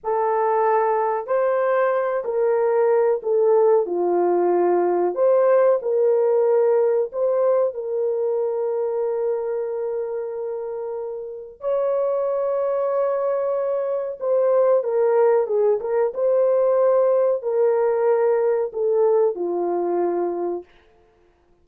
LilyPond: \new Staff \with { instrumentName = "horn" } { \time 4/4 \tempo 4 = 93 a'2 c''4. ais'8~ | ais'4 a'4 f'2 | c''4 ais'2 c''4 | ais'1~ |
ais'2 cis''2~ | cis''2 c''4 ais'4 | gis'8 ais'8 c''2 ais'4~ | ais'4 a'4 f'2 | }